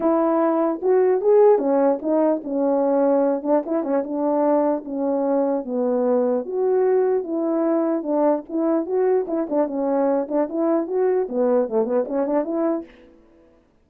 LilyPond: \new Staff \with { instrumentName = "horn" } { \time 4/4 \tempo 4 = 149 e'2 fis'4 gis'4 | cis'4 dis'4 cis'2~ | cis'8 d'8 e'8 cis'8 d'2 | cis'2 b2 |
fis'2 e'2 | d'4 e'4 fis'4 e'8 d'8 | cis'4. d'8 e'4 fis'4 | b4 a8 b8 cis'8 d'8 e'4 | }